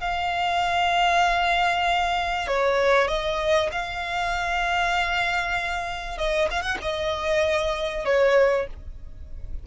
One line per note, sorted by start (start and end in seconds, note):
0.00 2.47 F5
2.47 3.08 C#5
3.08 3.69 D#5
3.72 6.17 F5
6.17 6.48 D#5
6.50 6.62 F5
6.62 6.77 F#5
6.82 8.05 D#5
8.05 8.67 C#5